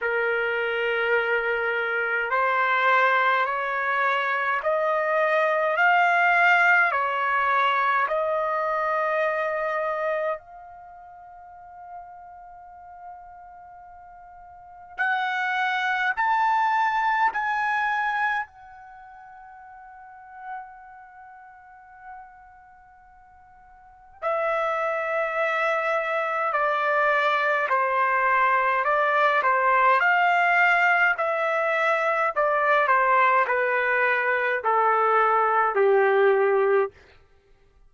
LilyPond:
\new Staff \with { instrumentName = "trumpet" } { \time 4/4 \tempo 4 = 52 ais'2 c''4 cis''4 | dis''4 f''4 cis''4 dis''4~ | dis''4 f''2.~ | f''4 fis''4 a''4 gis''4 |
fis''1~ | fis''4 e''2 d''4 | c''4 d''8 c''8 f''4 e''4 | d''8 c''8 b'4 a'4 g'4 | }